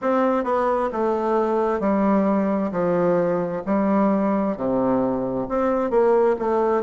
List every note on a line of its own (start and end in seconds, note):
0.01 0.44 C4
0.44 0.89 B3
0.92 1.80 A3
1.80 2.71 G3
2.71 3.62 F3
3.66 4.56 G3
4.56 5.47 C3
5.48 5.90 C4
5.90 6.36 A#3
6.38 6.83 A3